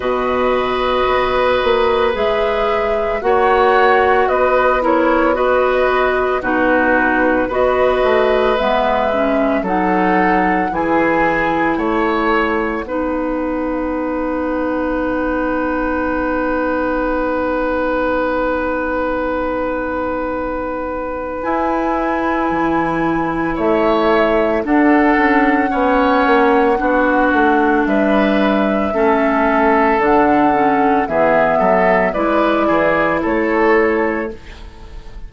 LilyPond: <<
  \new Staff \with { instrumentName = "flute" } { \time 4/4 \tempo 4 = 56 dis''2 e''4 fis''4 | dis''8 cis''8 dis''4 b'4 dis''4 | e''4 fis''4 gis''4 fis''4~ | fis''1~ |
fis''1 | gis''2 e''4 fis''4~ | fis''2 e''2 | fis''4 e''4 d''4 cis''4 | }
  \new Staff \with { instrumentName = "oboe" } { \time 4/4 b'2. cis''4 | b'8 ais'8 b'4 fis'4 b'4~ | b'4 a'4 gis'4 cis''4 | b'1~ |
b'1~ | b'2 cis''4 a'4 | cis''4 fis'4 b'4 a'4~ | a'4 gis'8 a'8 b'8 gis'8 a'4 | }
  \new Staff \with { instrumentName = "clarinet" } { \time 4/4 fis'2 gis'4 fis'4~ | fis'8 e'8 fis'4 dis'4 fis'4 | b8 cis'8 dis'4 e'2 | dis'1~ |
dis'1 | e'2. d'4 | cis'4 d'2 cis'4 | d'8 cis'8 b4 e'2 | }
  \new Staff \with { instrumentName = "bassoon" } { \time 4/4 b,4 b8 ais8 gis4 ais4 | b2 b,4 b8 a8 | gis4 fis4 e4 a4 | b1~ |
b1 | e'4 e4 a4 d'8 cis'8 | b8 ais8 b8 a8 g4 a4 | d4 e8 fis8 gis8 e8 a4 | }
>>